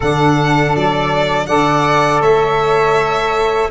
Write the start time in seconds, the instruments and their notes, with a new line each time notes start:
0.00 tuba D3, saxophone D4, flute A4, violin F#5
0.75 tuba F#3, violin D5
1.46 tuba D3, saxophone A4, flute D5, violin F#5
2.21 tuba A3, flute C#5, violin E5